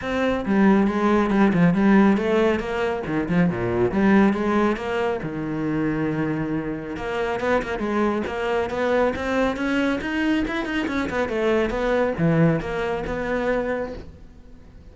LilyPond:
\new Staff \with { instrumentName = "cello" } { \time 4/4 \tempo 4 = 138 c'4 g4 gis4 g8 f8 | g4 a4 ais4 dis8 f8 | ais,4 g4 gis4 ais4 | dis1 |
ais4 b8 ais8 gis4 ais4 | b4 c'4 cis'4 dis'4 | e'8 dis'8 cis'8 b8 a4 b4 | e4 ais4 b2 | }